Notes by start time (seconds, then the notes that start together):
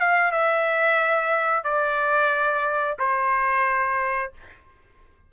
0.00 F5
0.32 E5
1.64 D5
2.99 C5